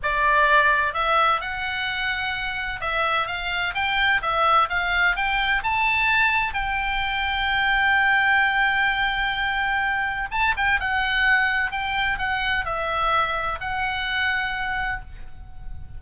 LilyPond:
\new Staff \with { instrumentName = "oboe" } { \time 4/4 \tempo 4 = 128 d''2 e''4 fis''4~ | fis''2 e''4 f''4 | g''4 e''4 f''4 g''4 | a''2 g''2~ |
g''1~ | g''2 a''8 g''8 fis''4~ | fis''4 g''4 fis''4 e''4~ | e''4 fis''2. | }